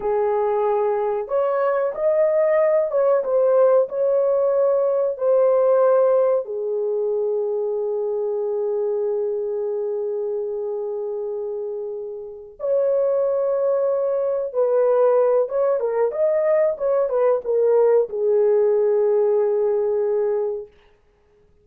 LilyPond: \new Staff \with { instrumentName = "horn" } { \time 4/4 \tempo 4 = 93 gis'2 cis''4 dis''4~ | dis''8 cis''8 c''4 cis''2 | c''2 gis'2~ | gis'1~ |
gis'2.~ gis'8 cis''8~ | cis''2~ cis''8 b'4. | cis''8 ais'8 dis''4 cis''8 b'8 ais'4 | gis'1 | }